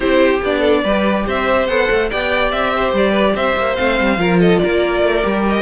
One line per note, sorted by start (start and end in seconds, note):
0.00 0.41 C4
0.00 0.39 E4
0.00 0.59 G4
0.00 0.41 C5
0.42 0.84 B3
0.42 0.86 D4
0.42 1.28 D5
0.59 0.80 A4
0.83 1.26 G3
0.83 1.69 G4
0.83 1.25 B4
1.26 1.67 C4
1.26 2.10 C5
1.26 1.67 E5
1.67 1.88 B3
1.67 2.10 A4
1.67 2.09 F#5
1.90 2.11 A3
2.10 2.52 B3
2.10 3.76 G4
2.10 2.73 D5
2.10 2.51 G5
2.51 2.92 C4
2.51 2.93 E5
2.76 3.11 C5
2.92 3.34 G3
2.92 3.36 D5
3.11 3.32 B4
3.35 3.56 C4
3.35 4.19 C5
3.35 3.75 E5
3.56 3.77 A#3
3.75 3.99 A3
3.75 4.17 C4
3.75 4.38 F5
3.99 4.17 G3
4.17 4.59 F3
4.17 5.22 F4
4.17 4.40 A#4
4.40 4.61 A4
4.40 4.58 D#5
4.58 5.62 A#4
4.58 5.42 D5
4.64 5.02 A#3
5.02 5.23 A3
5.22 5.62 G3
5.22 5.62 G4
5.48 5.62 D#5